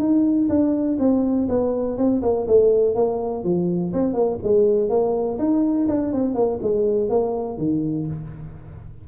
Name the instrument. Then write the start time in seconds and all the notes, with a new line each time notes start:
tuba
0.00 D#4
0.50 D4
0.99 C4
1.49 B3
1.98 C4
2.23 A#3
2.48 A3
2.96 A#3
3.44 F3
3.94 C4
4.14 A#3
4.43 G#3
4.90 A#3
5.39 D#4
5.89 D4
6.13 C4
6.35 A#3
6.63 G#3
7.10 A#3
7.58 D#3